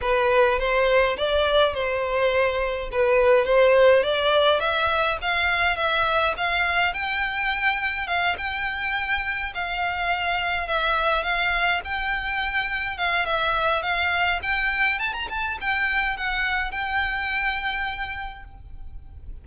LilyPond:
\new Staff \with { instrumentName = "violin" } { \time 4/4 \tempo 4 = 104 b'4 c''4 d''4 c''4~ | c''4 b'4 c''4 d''4 | e''4 f''4 e''4 f''4 | g''2 f''8 g''4.~ |
g''8 f''2 e''4 f''8~ | f''8 g''2 f''8 e''4 | f''4 g''4 a''16 ais''16 a''8 g''4 | fis''4 g''2. | }